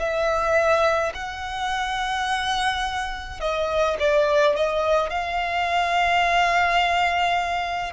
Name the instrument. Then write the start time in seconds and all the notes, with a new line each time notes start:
violin
0.00 E5
1.14 F#5
3.41 D#5
4.00 D5
4.56 D#5
5.10 F5